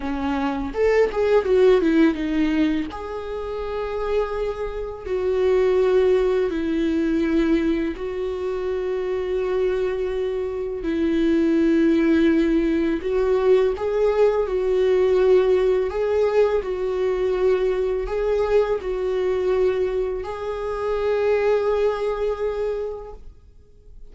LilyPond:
\new Staff \with { instrumentName = "viola" } { \time 4/4 \tempo 4 = 83 cis'4 a'8 gis'8 fis'8 e'8 dis'4 | gis'2. fis'4~ | fis'4 e'2 fis'4~ | fis'2. e'4~ |
e'2 fis'4 gis'4 | fis'2 gis'4 fis'4~ | fis'4 gis'4 fis'2 | gis'1 | }